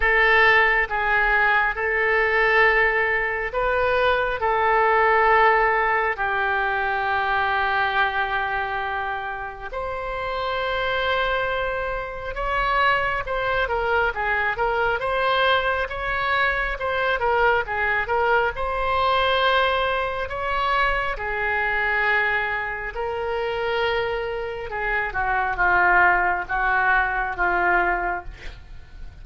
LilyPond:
\new Staff \with { instrumentName = "oboe" } { \time 4/4 \tempo 4 = 68 a'4 gis'4 a'2 | b'4 a'2 g'4~ | g'2. c''4~ | c''2 cis''4 c''8 ais'8 |
gis'8 ais'8 c''4 cis''4 c''8 ais'8 | gis'8 ais'8 c''2 cis''4 | gis'2 ais'2 | gis'8 fis'8 f'4 fis'4 f'4 | }